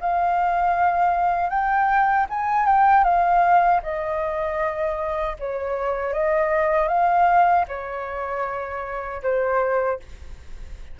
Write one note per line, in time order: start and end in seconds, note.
0.00 1.49 F5
1.49 2.26 G5
2.29 2.65 G#5
2.65 3.03 G5
3.03 3.80 F5
3.82 5.36 D#5
5.39 6.13 C#5
6.13 6.88 D#5
6.88 7.65 F5
7.68 9.22 C#5
9.22 9.99 C5